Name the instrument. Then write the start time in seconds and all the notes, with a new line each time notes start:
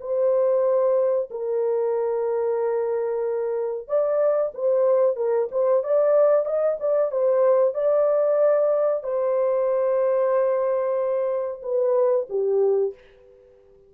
horn
0.00 C5
1.30 A#4
3.87 D5
4.54 C5
5.16 A#4
5.51 C5
5.83 D5
6.45 D#5
6.79 D5
7.11 C5
7.74 D5
9.03 C5
11.62 B4
12.29 G4